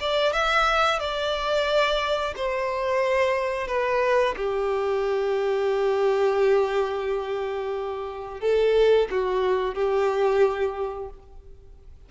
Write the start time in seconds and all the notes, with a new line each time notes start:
0.00 D5
0.32 E5
0.99 D5
2.36 C5
3.67 B4
4.36 G4
8.41 A4
9.10 F#4
9.74 G4